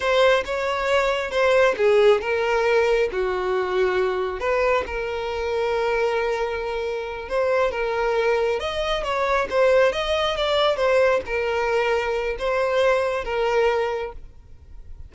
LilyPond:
\new Staff \with { instrumentName = "violin" } { \time 4/4 \tempo 4 = 136 c''4 cis''2 c''4 | gis'4 ais'2 fis'4~ | fis'2 b'4 ais'4~ | ais'1~ |
ais'8 c''4 ais'2 dis''8~ | dis''8 cis''4 c''4 dis''4 d''8~ | d''8 c''4 ais'2~ ais'8 | c''2 ais'2 | }